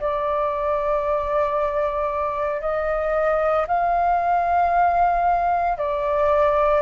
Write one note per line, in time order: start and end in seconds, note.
0.00 2.61 D5
2.61 3.66 D#5
3.67 5.78 F5
5.78 6.81 D5